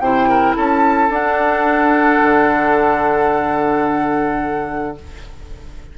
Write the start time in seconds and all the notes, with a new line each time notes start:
0.00 C3 E4 C5 G5
0.29 A#4
0.57 C#4 A4 A5
1.10 D4 F#5
2.23 D3